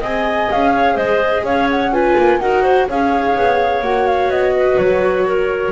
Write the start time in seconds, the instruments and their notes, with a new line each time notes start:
0.00 double bass C4, viola G#4, clarinet D#5, flute G#5
0.52 double bass C#4, flute F5
0.73 clarinet C#5
0.95 double bass G#3, clarinet C5, flute D#5
1.44 double bass C#4, clarinet C#5, flute F5
1.71 flute F#5
1.93 viola F4, clarinet B4, flute G#5
2.18 double bass A#3
2.40 double bass D#4, viola F#4, clarinet A#4, flute F#5
2.63 clarinet C5
2.89 double bass C#4, viola G#4, clarinet C#5, flute F5
3.36 double bass B3
3.81 double bass A#3, viola F#4, flute F#5
4.07 flute F5
4.29 double bass B3, flute D#5
4.56 clarinet B4
4.78 double bass F#3, flute C#5
5.27 clarinet A#4